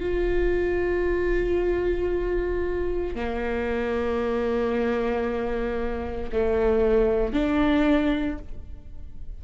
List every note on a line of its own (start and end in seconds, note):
0.00 3.15 F4
3.15 6.31 A#3
6.33 7.33 A3
7.33 8.38 D4